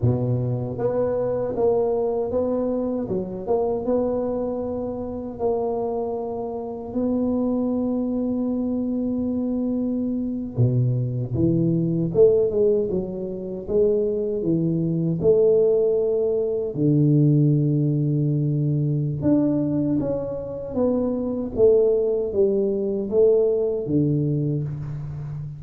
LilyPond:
\new Staff \with { instrumentName = "tuba" } { \time 4/4 \tempo 4 = 78 b,4 b4 ais4 b4 | fis8 ais8 b2 ais4~ | ais4 b2.~ | b4.~ b16 b,4 e4 a16~ |
a16 gis8 fis4 gis4 e4 a16~ | a4.~ a16 d2~ d16~ | d4 d'4 cis'4 b4 | a4 g4 a4 d4 | }